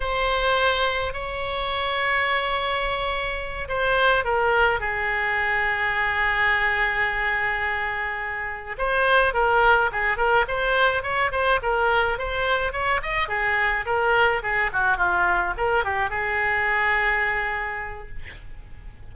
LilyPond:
\new Staff \with { instrumentName = "oboe" } { \time 4/4 \tempo 4 = 106 c''2 cis''2~ | cis''2~ cis''8 c''4 ais'8~ | ais'8 gis'2.~ gis'8~ | gis'2.~ gis'8 c''8~ |
c''8 ais'4 gis'8 ais'8 c''4 cis''8 | c''8 ais'4 c''4 cis''8 dis''8 gis'8~ | gis'8 ais'4 gis'8 fis'8 f'4 ais'8 | g'8 gis'2.~ gis'8 | }